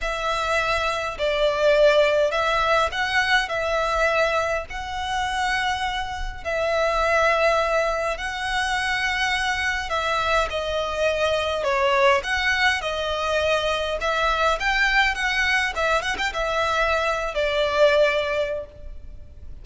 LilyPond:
\new Staff \with { instrumentName = "violin" } { \time 4/4 \tempo 4 = 103 e''2 d''2 | e''4 fis''4 e''2 | fis''2. e''4~ | e''2 fis''2~ |
fis''4 e''4 dis''2 | cis''4 fis''4 dis''2 | e''4 g''4 fis''4 e''8 fis''16 g''16 | e''4.~ e''16 d''2~ d''16 | }